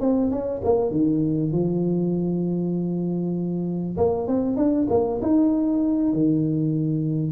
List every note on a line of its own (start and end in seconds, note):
0.00 0.31 C4
0.31 0.61 C#4
0.64 0.91 A#3
0.91 1.51 D#3
1.51 3.96 F3
3.97 4.27 A#3
4.27 4.56 C4
4.56 4.87 D4
4.90 5.20 A#3
5.22 6.13 D#4
6.13 7.32 D#3